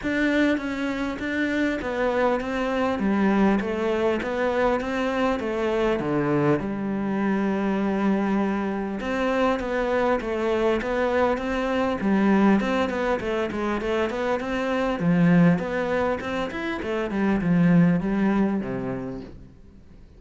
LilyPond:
\new Staff \with { instrumentName = "cello" } { \time 4/4 \tempo 4 = 100 d'4 cis'4 d'4 b4 | c'4 g4 a4 b4 | c'4 a4 d4 g4~ | g2. c'4 |
b4 a4 b4 c'4 | g4 c'8 b8 a8 gis8 a8 b8 | c'4 f4 b4 c'8 e'8 | a8 g8 f4 g4 c4 | }